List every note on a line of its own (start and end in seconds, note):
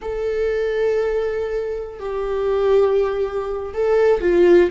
0.01 1.99 A4
1.99 3.73 G4
3.73 4.20 A4
4.20 4.70 F4